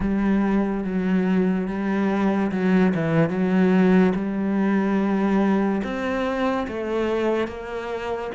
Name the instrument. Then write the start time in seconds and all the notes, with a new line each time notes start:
cello
0.00 G3
0.84 F#3
1.67 G3
2.52 F#3
2.94 E3
3.29 F#3
4.15 G3
5.83 C4
6.67 A3
7.47 A#3